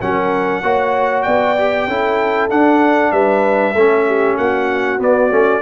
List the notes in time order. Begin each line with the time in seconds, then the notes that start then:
0.00 F#3 C#4 A#4 F#5
0.62 A#3 F#4 C#5
1.23 B3 D5 G5
1.57 G4
1.87 C#4 E4 A4
2.50 D4 F#5
3.12 G3 B4 E5
3.73 A3 C#4 A4
4.07 G4
4.37 A#3 F#4 F#5
4.99 B3 D5
5.30 A3 C#4